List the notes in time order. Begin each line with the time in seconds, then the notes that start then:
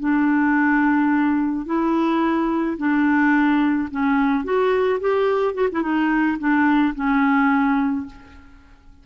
0.00 D4
1.66 E4
2.78 D4
3.91 C#4
4.45 F#4
5.01 G4
5.55 F#4
5.72 E4
5.83 D#4
6.39 D4
6.95 C#4